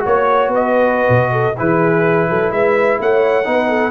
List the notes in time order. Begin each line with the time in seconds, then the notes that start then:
0.00 F#4 C#5
0.06 A#3
0.48 B3 B4
0.55 D#5
1.09 B2
1.32 A4
1.58 E3 E4 G#4 B4
2.30 F#3 A4
2.51 G#3 B4 E5
3.00 A3 C#5 F#5
3.44 B3 D#4 B4
3.69 A4